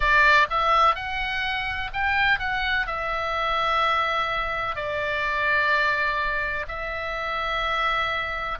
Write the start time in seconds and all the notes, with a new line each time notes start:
0.00 D5
0.50 E5
0.95 F#5
1.93 G5
2.39 F#5
2.87 E5
4.75 D5
6.68 E5